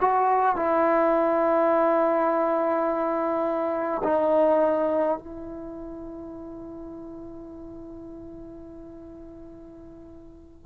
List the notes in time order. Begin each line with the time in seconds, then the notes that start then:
0.00 F#4
0.56 E4
4.03 D#4
5.18 E4